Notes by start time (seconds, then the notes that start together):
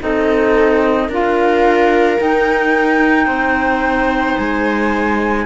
0.00 C4 D#4 A4 D#5
1.09 D4 F4 A#4 F5
2.20 D#4 G5
3.27 C4 C5
4.38 G#3 G#5